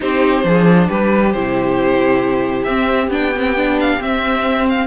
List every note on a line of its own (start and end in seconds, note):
0.00 0.44 C4
0.00 0.43 D#4
0.00 0.45 G4
0.00 0.88 C5
0.43 0.88 F3
0.43 1.31 D4
0.43 0.87 G#4
0.87 1.34 G3
0.87 4.87 G4
0.87 1.32 B4
1.32 2.66 C3
1.32 2.68 E4
1.32 2.63 C5
2.63 3.07 C4
2.63 3.10 C4
2.63 3.08 E5
3.07 3.96 B3
3.07 3.32 D4
3.07 3.79 G5
3.36 3.56 C4
3.56 3.99 D4
3.80 4.01 F5
3.99 4.87 C4
3.99 4.68 E5
4.69 4.87 F5